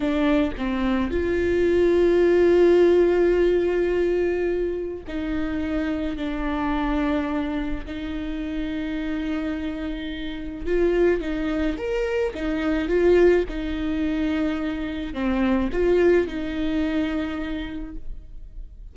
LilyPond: \new Staff \with { instrumentName = "viola" } { \time 4/4 \tempo 4 = 107 d'4 c'4 f'2~ | f'1~ | f'4 dis'2 d'4~ | d'2 dis'2~ |
dis'2. f'4 | dis'4 ais'4 dis'4 f'4 | dis'2. c'4 | f'4 dis'2. | }